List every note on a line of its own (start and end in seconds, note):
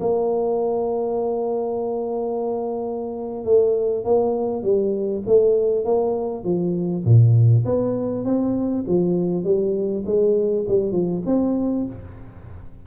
0.00 3.44 A#3
3.44 4.04 A3
4.04 4.63 A#3
4.63 5.23 G3
5.26 5.85 A3
5.85 6.44 A#3
6.44 7.04 F3
7.04 7.64 A#2
7.65 8.25 B3
8.25 8.85 C4
8.87 9.44 F3
9.44 10.04 G3
10.05 10.65 G#3
10.68 10.92 G3
10.92 11.22 F3
11.26 11.86 C4